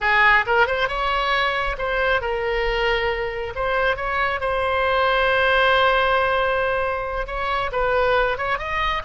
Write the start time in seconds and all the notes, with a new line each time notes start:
0.01 G#4
0.46 A#4
0.67 C5
0.88 C#5
1.78 C5
2.21 A#4
3.55 C5
3.96 C#5
4.40 C5
7.26 C#5
7.71 B4
8.37 C#5
8.58 D#5